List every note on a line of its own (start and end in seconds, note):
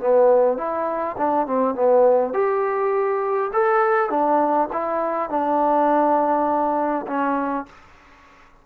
0.00 0.57 B3
0.57 1.16 E4
1.17 1.46 D4
1.46 1.75 C4
1.75 2.33 B3
2.33 3.51 G4
3.53 4.10 A4
4.10 4.68 D4
4.72 5.30 E4
5.30 7.06 D4
7.07 7.66 C#4